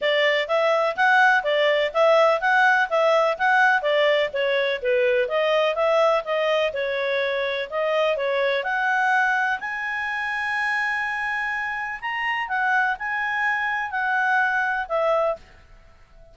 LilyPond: \new Staff \with { instrumentName = "clarinet" } { \time 4/4 \tempo 4 = 125 d''4 e''4 fis''4 d''4 | e''4 fis''4 e''4 fis''4 | d''4 cis''4 b'4 dis''4 | e''4 dis''4 cis''2 |
dis''4 cis''4 fis''2 | gis''1~ | gis''4 ais''4 fis''4 gis''4~ | gis''4 fis''2 e''4 | }